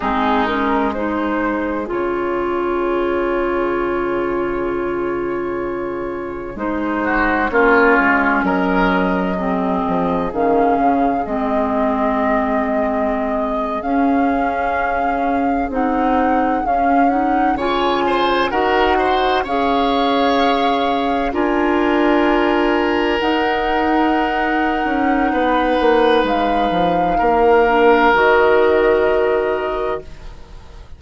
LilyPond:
<<
  \new Staff \with { instrumentName = "flute" } { \time 4/4 \tempo 4 = 64 gis'8 ais'8 c''4 cis''2~ | cis''2. c''4 | cis''4 dis''2 f''4 | dis''2~ dis''8. f''4~ f''16~ |
f''8. fis''4 f''8 fis''8 gis''4 fis''16~ | fis''8. f''2 gis''4~ gis''16~ | gis''8. fis''2.~ fis''16 | f''2 dis''2 | }
  \new Staff \with { instrumentName = "oboe" } { \time 4/4 dis'4 gis'2.~ | gis'2.~ gis'8 fis'8 | f'4 ais'4 gis'2~ | gis'1~ |
gis'2~ gis'8. cis''8 c''8 ais'16~ | ais'16 c''8 cis''2 ais'4~ ais'16~ | ais'2. b'4~ | b'4 ais'2. | }
  \new Staff \with { instrumentName = "clarinet" } { \time 4/4 c'8 cis'8 dis'4 f'2~ | f'2. dis'4 | cis'2 c'4 cis'4 | c'2~ c'8. cis'4~ cis'16~ |
cis'8. dis'4 cis'8 dis'8 f'4 fis'16~ | fis'8. gis'2 f'4~ f'16~ | f'8. dis'2.~ dis'16~ | dis'4. d'8 fis'2 | }
  \new Staff \with { instrumentName = "bassoon" } { \time 4/4 gis2 cis2~ | cis2. gis4 | ais8 gis8 fis4. f8 dis8 cis8 | gis2~ gis8. cis'4~ cis'16~ |
cis'8. c'4 cis'4 cis4 dis'16~ | dis'8. cis'2 d'4~ d'16~ | d'8. dis'4.~ dis'16 cis'8 b8 ais8 | gis8 f8 ais4 dis2 | }
>>